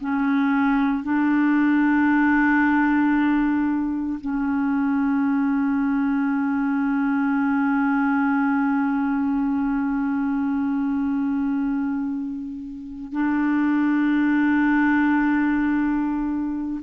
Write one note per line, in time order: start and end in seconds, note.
0.00 1.03 C#4
1.03 4.19 D4
4.21 13.12 C#4
13.12 16.80 D4